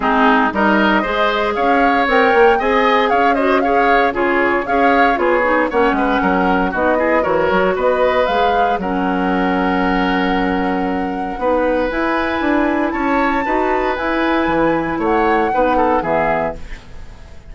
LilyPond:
<<
  \new Staff \with { instrumentName = "flute" } { \time 4/4 \tempo 4 = 116 gis'4 dis''2 f''4 | g''4 gis''4 f''8 dis''8 f''4 | cis''4 f''4 cis''4 fis''4~ | fis''4 dis''4 cis''4 dis''4 |
f''4 fis''2.~ | fis''2. gis''4~ | gis''4 a''2 gis''4~ | gis''4 fis''2 e''4 | }
  \new Staff \with { instrumentName = "oboe" } { \time 4/4 dis'4 ais'4 c''4 cis''4~ | cis''4 dis''4 cis''8 c''8 cis''4 | gis'4 cis''4 gis'4 cis''8 b'8 | ais'4 fis'8 gis'8 ais'4 b'4~ |
b'4 ais'2.~ | ais'2 b'2~ | b'4 cis''4 b'2~ | b'4 cis''4 b'8 a'8 gis'4 | }
  \new Staff \with { instrumentName = "clarinet" } { \time 4/4 c'4 dis'4 gis'2 | ais'4 gis'4. fis'8 gis'4 | f'4 gis'4 f'8 dis'8 cis'4~ | cis'4 dis'8 e'8 fis'2 |
gis'4 cis'2.~ | cis'2 dis'4 e'4~ | e'2 fis'4 e'4~ | e'2 dis'4 b4 | }
  \new Staff \with { instrumentName = "bassoon" } { \time 4/4 gis4 g4 gis4 cis'4 | c'8 ais8 c'4 cis'2 | cis4 cis'4 b4 ais8 gis8 | fis4 b4 e8 fis8 b4 |
gis4 fis2.~ | fis2 b4 e'4 | d'4 cis'4 dis'4 e'4 | e4 a4 b4 e4 | }
>>